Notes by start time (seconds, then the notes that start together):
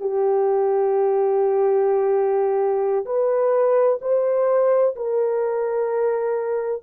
0.00 G4
3.05 B4
4.01 C5
4.95 A#4